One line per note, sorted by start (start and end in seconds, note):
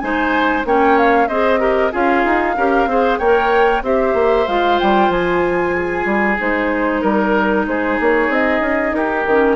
0.00 0.65 G#3
0.00 0.66 D#4
0.00 0.68 C5
0.00 0.64 G#5
0.65 1.29 A#3
0.65 1.30 C#4
0.65 1.29 C#5
0.65 0.99 G5
0.99 1.28 F5
1.28 1.93 C4
1.28 1.59 G#4
1.28 1.60 C5
1.28 1.92 D#5
1.59 1.91 G4
1.59 1.92 A#4
1.92 2.25 C#4
1.92 2.56 F4
1.92 2.56 G#4
1.92 3.19 F5
2.25 2.57 D#4
2.57 2.87 C#4
2.57 2.89 G4
2.57 2.89 A#4
2.87 3.19 C4
2.87 3.21 G#4
2.87 3.19 C5
3.19 3.83 A#3
3.19 3.85 A#4
3.19 3.83 C#5
3.19 3.83 G5
3.83 4.14 C4
3.83 4.49 G4
3.83 5.76 C5
3.83 4.48 E5
4.14 4.46 A#3
4.48 4.80 G#3
4.48 6.39 F4
4.48 4.80 F5
4.80 5.10 G3
4.80 5.12 G5
5.10 6.05 F3
5.10 6.39 G#5
5.76 7.02 G#4
6.06 6.37 G3
6.39 7.03 G#3
6.39 9.26 D#4
6.39 7.03 C5
7.02 7.67 G3
7.02 7.65 A#4
7.02 7.66 A#4
7.67 7.99 G#3
7.67 8.97 G#4
7.67 8.00 C5
8.01 8.29 A#3
8.01 8.33 C#5
8.29 8.61 C4
8.29 8.95 D#5
8.61 8.93 C#4
8.93 9.25 D#4
8.93 9.57 G4
8.93 9.57 A#4
9.27 9.57 D#3
9.27 9.57 C#4